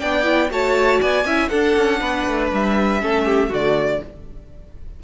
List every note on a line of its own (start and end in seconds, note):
0.00 0.50 B3
0.00 0.24 D4
0.00 0.51 D5
0.00 0.50 G5
0.24 0.49 E4
0.50 1.00 A3
0.50 1.26 F#4
0.50 1.01 C#5
0.50 1.01 A5
1.01 1.25 B3
1.01 1.26 D5
1.01 1.49 G#5
1.25 1.50 C#4
1.25 1.52 E4
1.25 1.50 E5
1.49 1.77 D4
1.49 3.02 D4
1.49 2.00 A4
1.49 2.49 F#5
1.77 2.02 C#4
2.01 2.27 B3
2.01 3.01 B4
2.27 2.52 A3
2.53 3.03 G3
2.53 3.54 E5
3.02 3.51 A3
3.02 3.50 C#4
3.02 3.26 A4
3.26 3.50 G4
3.50 4.01 D3
3.50 4.00 A3
3.50 4.00 F#4
3.50 4.04 D5